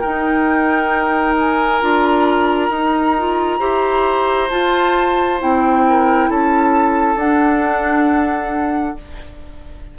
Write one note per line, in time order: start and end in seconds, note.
0.00 1.81 D#4
0.00 1.82 D#4
0.00 3.58 A#4
0.00 1.34 G5
1.39 1.82 G#5
1.81 2.69 D4
1.81 2.70 F4
1.81 4.50 A#5
2.69 3.59 D#4
2.69 3.16 D#4
3.18 3.59 F4
3.59 4.49 E4
3.59 4.49 G4
3.59 5.83 C5
4.50 5.39 F4
4.50 5.40 F4
4.50 5.39 A5
5.39 6.29 C4
5.39 7.17 E4
5.39 6.31 G5
5.89 6.29 A#4
6.29 7.16 C#4
6.29 8.98 A4
6.29 7.19 A5
7.16 8.95 D4
7.16 8.96 D4
7.16 8.98 F#5